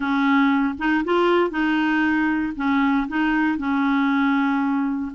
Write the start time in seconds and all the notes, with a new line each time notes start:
0.00 C#4
0.78 D#4
1.04 F4
1.50 D#4
2.56 C#4
3.08 D#4
3.58 C#4